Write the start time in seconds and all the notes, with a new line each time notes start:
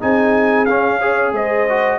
0.00 C4 D#4 G#4 G#5
0.65 C#4 F5
0.99 G#4 C#5
1.32 G#3 C5 D#5
1.69 F#4